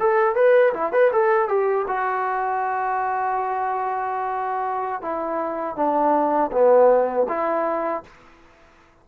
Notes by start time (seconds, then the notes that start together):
0.00 A4
0.36 B4
0.74 E4
0.93 B4
1.13 A4
1.49 G4
1.88 F#4
5.02 E4
5.76 D4
6.52 B3
7.29 E4